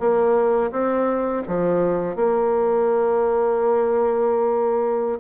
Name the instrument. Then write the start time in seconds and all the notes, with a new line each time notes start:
bassoon
0.00 A#3
0.71 C4
1.48 F3
2.16 A#3